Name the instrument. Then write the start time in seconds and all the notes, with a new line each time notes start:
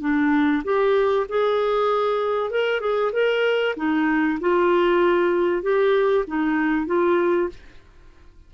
clarinet
0.00 D4
0.64 G4
1.28 G#4
2.50 A#4
2.80 G#4
3.12 A#4
3.76 D#4
4.40 F4
5.62 G4
6.27 D#4
6.86 F4